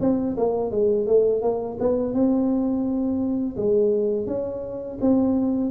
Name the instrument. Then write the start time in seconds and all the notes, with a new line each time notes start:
tuba
0.00 C4
0.37 A#3
0.70 G#3
1.06 A3
1.41 A#3
1.79 B3
2.13 C4
3.56 G#3
4.26 C#4
5.01 C4